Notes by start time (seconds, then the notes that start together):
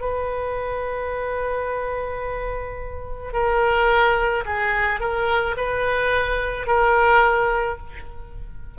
0.00 B4
3.33 A#4
4.45 G#4
5.00 A#4
5.57 B4
6.67 A#4